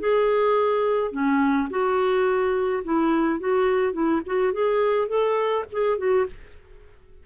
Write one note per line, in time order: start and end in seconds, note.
0.00 1.12 G#4
1.12 1.69 C#4
1.71 2.84 F#4
2.84 3.40 E4
3.40 3.93 F#4
3.93 4.21 E4
4.27 4.53 F#4
4.53 5.09 G#4
5.09 5.65 A4
5.72 5.98 G#4
5.98 6.27 F#4